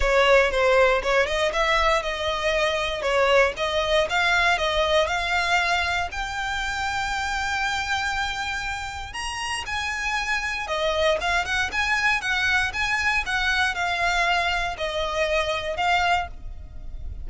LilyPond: \new Staff \with { instrumentName = "violin" } { \time 4/4 \tempo 4 = 118 cis''4 c''4 cis''8 dis''8 e''4 | dis''2 cis''4 dis''4 | f''4 dis''4 f''2 | g''1~ |
g''2 ais''4 gis''4~ | gis''4 dis''4 f''8 fis''8 gis''4 | fis''4 gis''4 fis''4 f''4~ | f''4 dis''2 f''4 | }